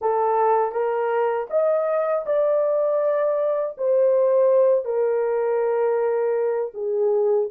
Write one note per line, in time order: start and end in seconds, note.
0.01 0.72 A4
0.72 1.47 A#4
1.50 2.25 D#5
2.26 3.76 D5
3.77 4.84 C5
4.84 6.72 A#4
6.74 7.49 G#4